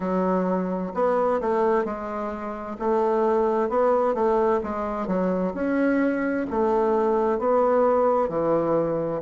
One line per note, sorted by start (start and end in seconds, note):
0.00 0.92 F#3
0.94 1.40 B3
1.41 1.84 A3
1.84 2.77 G#3
2.79 3.69 A3
3.69 4.14 B3
4.14 4.60 A3
4.63 5.07 G#3
5.07 5.53 F#3
5.54 6.46 C#4
6.50 7.38 A3
7.38 8.28 B3
8.28 9.21 E3